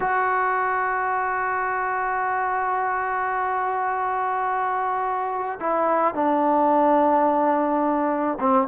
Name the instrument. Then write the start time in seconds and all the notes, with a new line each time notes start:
trombone
0.00 F#4
5.59 E4
6.14 D4
8.40 C4